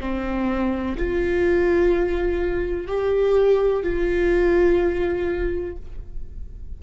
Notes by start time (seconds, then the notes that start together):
0.00 C4
0.97 F4
2.87 G4
3.83 F4